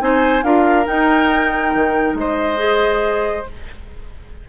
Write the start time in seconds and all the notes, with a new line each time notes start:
0.00 C4 D#4 C5 G#5
0.44 D4 F4 A#4 F5
0.86 D#4 G5
1.75 D#3
2.14 G#3 C5 D#5
2.57 G#4